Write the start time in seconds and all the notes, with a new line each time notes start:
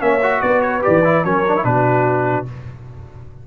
0.00 A#3 C#4 C#5 E5
0.23 F#4
0.42 B3 B4 D5
0.62 C#5
0.82 E3 G4 D5
1.05 E4
1.24 F#3 C#4 A#4 C#5
1.49 D4
1.56 E4
1.64 B2 D4 F#4 B4